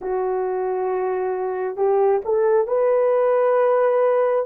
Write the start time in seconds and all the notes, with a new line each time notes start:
0.01 F#4
1.76 G4
2.24 A4
2.67 B4